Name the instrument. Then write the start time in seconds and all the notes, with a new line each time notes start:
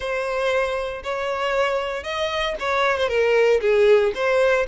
violin
0.00 C5
1.03 C#5
2.03 D#5
2.59 C#5
2.97 C5
3.08 A#4
3.60 G#4
4.14 C5